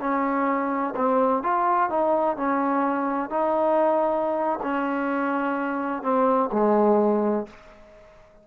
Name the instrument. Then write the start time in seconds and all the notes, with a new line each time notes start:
trombone
0.00 C#4
0.96 C4
1.43 F4
1.90 D#4
2.37 C#4
3.30 D#4
4.63 C#4
6.03 C4
6.53 G#3